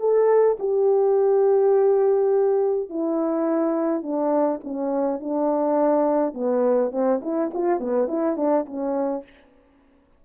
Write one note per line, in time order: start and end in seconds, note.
0.00 0.58 A4
0.60 2.90 G4
2.90 4.03 E4
4.03 4.60 D4
4.64 5.20 C#4
5.20 6.34 D4
6.34 6.92 B3
6.92 7.20 C4
7.22 7.51 E4
7.54 7.80 F4
7.80 8.08 B3
8.08 8.37 E4
8.37 8.66 D4
8.66 9.24 C#4